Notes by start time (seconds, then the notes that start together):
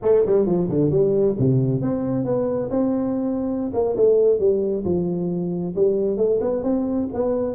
0.02 A3
0.26 G3
0.46 F3
0.68 D3
0.90 G3
1.38 C3
1.81 C4
2.24 B3
2.70 C4
3.73 A#3
3.96 A3
4.39 G3
4.84 F3
5.75 G3
6.17 A3
6.41 B3
6.63 C4
7.13 B3